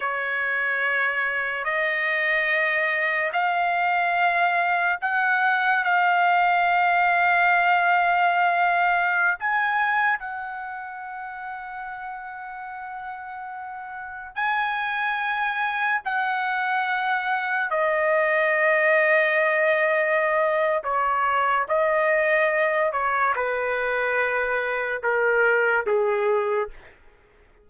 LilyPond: \new Staff \with { instrumentName = "trumpet" } { \time 4/4 \tempo 4 = 72 cis''2 dis''2 | f''2 fis''4 f''4~ | f''2.~ f''16 gis''8.~ | gis''16 fis''2.~ fis''8.~ |
fis''4~ fis''16 gis''2 fis''8.~ | fis''4~ fis''16 dis''2~ dis''8.~ | dis''4 cis''4 dis''4. cis''8 | b'2 ais'4 gis'4 | }